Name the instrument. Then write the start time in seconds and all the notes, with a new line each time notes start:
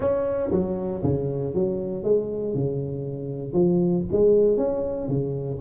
tuba
0.00 C#4
0.51 F#3
1.03 C#3
1.54 F#3
2.03 G#3
2.54 C#3
3.53 F3
4.12 G#3
4.57 C#4
5.08 C#3